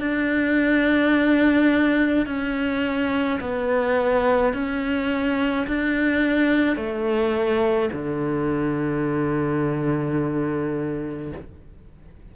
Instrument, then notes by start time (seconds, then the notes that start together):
cello
0.00 D4
2.26 C#4
3.40 B3
4.53 C#4
5.67 D4
6.76 A3
7.92 D3